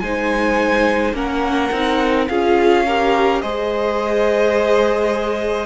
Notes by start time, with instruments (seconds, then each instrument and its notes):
0.00 cello G#3, viola D#4, violin C5 G#5
1.13 cello A#3, viola C#4, violin A#4 F#5
1.72 cello C4, viola D#4
2.28 cello C#4, viola F4, violin G#4 F5
2.86 viola G4, violin A#4
3.41 cello G#3, viola G#4, violin C5 D#5